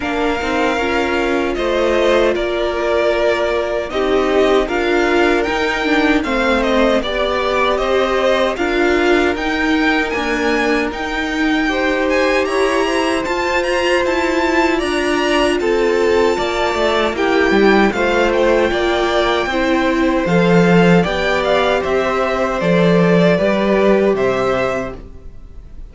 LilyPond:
<<
  \new Staff \with { instrumentName = "violin" } { \time 4/4 \tempo 4 = 77 f''2 dis''4 d''4~ | d''4 dis''4 f''4 g''4 | f''8 dis''8 d''4 dis''4 f''4 | g''4 gis''4 g''4. gis''8 |
ais''4 a''8 ais''8 a''4 ais''4 | a''2 g''4 f''8 g''8~ | g''2 f''4 g''8 f''8 | e''4 d''2 e''4 | }
  \new Staff \with { instrumentName = "violin" } { \time 4/4 ais'2 c''4 ais'4~ | ais'4 g'4 ais'2 | c''4 d''4 c''4 ais'4~ | ais'2. c''4 |
cis''8 c''2~ c''8 d''4 | a'4 d''4 g'4 c''4 | d''4 c''2 d''4 | c''2 b'4 c''4 | }
  \new Staff \with { instrumentName = "viola" } { \time 4/4 d'8 dis'8 f'2.~ | f'4 dis'4 f'4 dis'8 d'8 | c'4 g'2 f'4 | dis'4 ais4 dis'4 g'4~ |
g'4 f'2.~ | f'2 e'4 f'4~ | f'4 e'4 a'4 g'4~ | g'4 a'4 g'2 | }
  \new Staff \with { instrumentName = "cello" } { \time 4/4 ais8 c'8 cis'4 a4 ais4~ | ais4 c'4 d'4 dis'4 | a4 b4 c'4 d'4 | dis'4 d'4 dis'2 |
e'4 f'4 e'4 d'4 | c'4 ais8 a8 ais8 g8 a4 | ais4 c'4 f4 b4 | c'4 f4 g4 c4 | }
>>